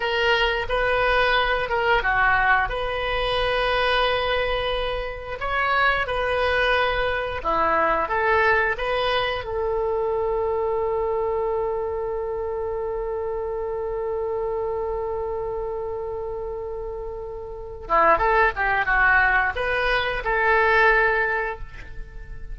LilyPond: \new Staff \with { instrumentName = "oboe" } { \time 4/4 \tempo 4 = 89 ais'4 b'4. ais'8 fis'4 | b'1 | cis''4 b'2 e'4 | a'4 b'4 a'2~ |
a'1~ | a'1~ | a'2~ a'8 e'8 a'8 g'8 | fis'4 b'4 a'2 | }